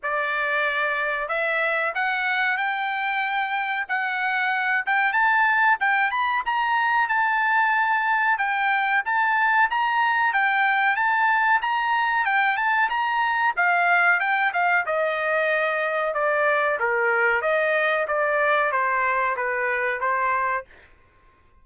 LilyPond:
\new Staff \with { instrumentName = "trumpet" } { \time 4/4 \tempo 4 = 93 d''2 e''4 fis''4 | g''2 fis''4. g''8 | a''4 g''8 b''8 ais''4 a''4~ | a''4 g''4 a''4 ais''4 |
g''4 a''4 ais''4 g''8 a''8 | ais''4 f''4 g''8 f''8 dis''4~ | dis''4 d''4 ais'4 dis''4 | d''4 c''4 b'4 c''4 | }